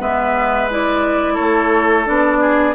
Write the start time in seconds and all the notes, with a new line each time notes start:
0.00 G#3 B3 B4 E5
0.70 E4 D5
1.34 A4 C#5
1.40 A3
2.05 B3 D4 D5
2.40 G#4